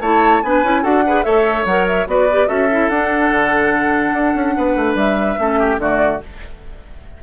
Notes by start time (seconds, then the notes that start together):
0.00 A3 E4 C#5 A5
0.42 B3 D4 B4 G#5
0.63 C#4 E4
0.82 D4 F#4 A4 F#5
1.06 G#4 B4
1.23 A3 A4 C#5 E5
1.65 F#3 A#4 F#5
1.87 E5
2.06 B3 F#4 B4 D5
2.31 G4
2.47 C#4 F#4 A4 E5
2.71 E4
2.89 D4 F#5
3.30 D3
4.13 D4
4.35 C#4
4.56 B3 B4
4.76 A3
4.94 G3 E5
5.38 A3 C#4 A4
5.59 G4
5.77 D3 A3 F#4 D5